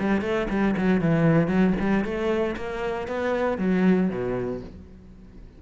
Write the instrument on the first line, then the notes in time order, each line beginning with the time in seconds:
cello
0.00 G3
0.22 A3
0.50 G3
0.77 F#3
1.01 E3
1.48 F#3
1.80 G3
2.05 A3
2.57 A#3
3.08 B3
3.58 F#3
4.10 B2